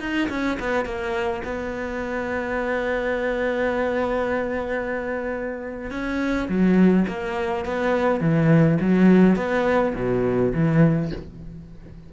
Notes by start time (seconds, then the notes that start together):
0.00 D#4
0.29 C#4
0.60 B3
0.85 A#3
1.44 B3
5.91 C#4
6.49 F#3
7.08 A#3
7.65 B3
8.21 E3
8.81 F#3
9.36 B3
9.95 B2
10.54 E3